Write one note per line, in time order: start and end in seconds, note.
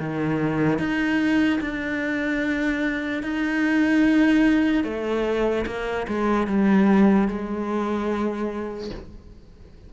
0.00 0.79 D#3
0.79 1.60 D#4
1.61 3.23 D4
3.23 4.85 D#4
4.85 5.66 A3
5.67 6.07 A#3
6.08 6.48 G#3
6.48 7.29 G3
7.29 8.91 G#3